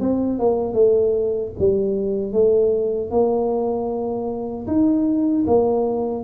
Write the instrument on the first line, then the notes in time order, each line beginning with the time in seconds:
tuba
0.00 C4
0.39 A#3
0.73 A3
1.59 G3
2.32 A3
3.10 A#3
4.67 D#4
5.47 A#3